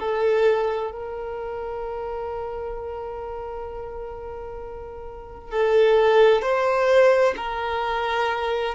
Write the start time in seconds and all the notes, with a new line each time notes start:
0.00 A4
0.92 A#4
5.52 A4
6.42 C5
7.37 A#4